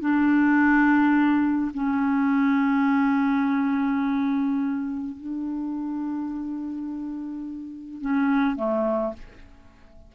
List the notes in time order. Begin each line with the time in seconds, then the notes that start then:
0.00 D4
1.74 C#4
5.16 D4
8.01 C#4
8.56 A3